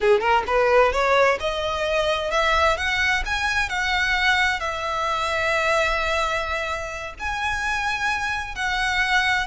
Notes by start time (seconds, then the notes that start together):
0.00 G#4
0.20 A#4
0.47 B4
0.92 C#5
1.40 D#5
2.31 E5
2.77 F#5
3.25 G#5
3.69 F#5
4.60 E5
7.19 G#5
8.55 F#5